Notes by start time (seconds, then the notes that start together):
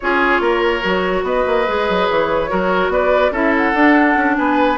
0.00 C#4 F4 G#4 C#5
0.40 A#3 A#4
0.82 F#3 F#4
1.22 B3 B4 D#5
1.46 A#3
1.67 G#3 G#4
1.89 F#3
2.09 E3 C#5
2.48 F#3 F#4 A#4
2.88 B3 B4 D5
3.30 C#4 E4 A4 E5
3.56 F#5
3.74 D4
4.16 C#4
4.36 B3 B4 G#5